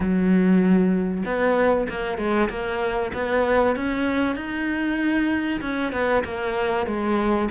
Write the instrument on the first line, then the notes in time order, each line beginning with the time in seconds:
cello
0.00 F#3
1.25 B3
1.89 A#3
2.18 G#3
2.49 A#3
3.13 B3
3.76 C#4
4.35 D#4
5.61 C#4
5.92 B3
6.24 A#3
6.86 G#3